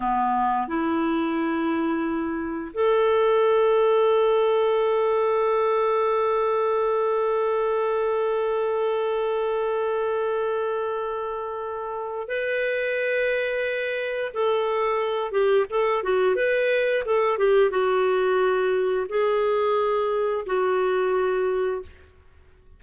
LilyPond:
\new Staff \with { instrumentName = "clarinet" } { \time 4/4 \tempo 4 = 88 b4 e'2. | a'1~ | a'1~ | a'1~ |
a'2 b'2~ | b'4 a'4. g'8 a'8 fis'8 | b'4 a'8 g'8 fis'2 | gis'2 fis'2 | }